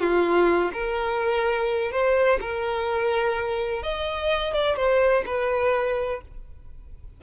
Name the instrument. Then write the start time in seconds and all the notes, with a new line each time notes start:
violin
0.00 F4
0.73 A#4
1.92 C5
2.41 A#4
3.83 D#5
4.54 D5
4.76 C5
5.26 B4